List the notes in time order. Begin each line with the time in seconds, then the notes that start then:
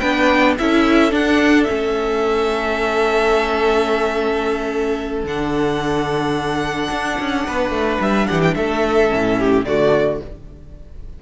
0.00 B3 D4 B4 G5
0.59 C#4 E4 A4 E5
1.11 D4 F#5
1.64 C#4 E5
1.71 A3
5.24 D3 D4 F#5
6.91 D4
7.20 C#4
7.47 B3 B4
7.71 A3
8.01 G3 E5
8.27 E3 G4 F#5
8.43 G5
8.55 A3 A4 E5
9.10 A2 C#4
9.39 G4
9.65 D3 A3 F#4 D5